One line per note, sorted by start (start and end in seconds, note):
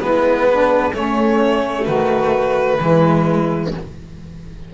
0.00 0.94 G#3
0.00 0.92 B3
0.00 0.48 E4
0.00 0.93 B4
0.51 0.94 D4
0.94 2.79 A3
0.94 1.87 A3
0.94 1.85 C#4
0.94 1.85 C#5
1.85 2.80 D#3
1.85 2.77 F#4
1.85 3.70 B4
2.79 3.72 E3
2.79 3.74 G#3
2.79 3.71 E4